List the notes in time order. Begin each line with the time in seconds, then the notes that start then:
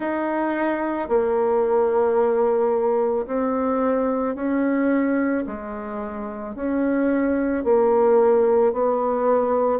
0.00 D#4
1.08 A#3
3.26 C4
4.35 C#4
5.46 G#3
6.55 C#4
7.64 A#3
8.73 B3